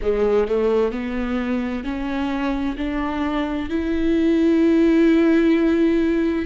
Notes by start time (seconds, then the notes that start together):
0.02 G#3
0.47 A3
0.91 B3
1.83 C#4
2.77 D4
3.69 E4